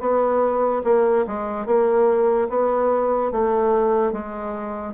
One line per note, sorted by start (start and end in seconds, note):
0.00 0.82 B3
0.84 1.25 A#3
1.27 1.66 G#3
1.66 2.48 A#3
2.49 3.31 B3
3.32 4.12 A3
4.12 4.94 G#3